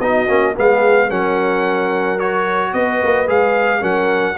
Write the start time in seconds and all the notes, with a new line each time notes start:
0.00 B3 D#4 F#4 D#5
0.27 A#3 C#4
0.56 G#3 B3 G#4 F5
1.08 F#3 C#4 A#4 F#5
2.19 F#4 C#5
2.73 B3 B4 D#5
3.02 A#3
3.27 G#3 G#4 F5
3.80 F#3 C#4 A#4 F#5